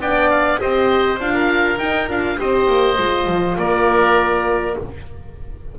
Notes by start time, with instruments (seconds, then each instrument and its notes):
0.00 double bass B3, horn D4, oboe D5 G5
0.30 oboe F5
0.59 double bass C4, horn G4, oboe C5 D#5
1.19 double bass D4, horn F4, oboe F5
1.34 oboe A#4
1.78 horn D#4, double bass D#4, oboe G5
2.09 double bass D4, horn F4, oboe F5
2.38 double bass C4, horn G4, oboe C5 D#5
2.68 double bass A#3
2.97 double bass G#3, horn F4
3.27 double bass F3
3.58 double bass A#3, oboe A#4 D5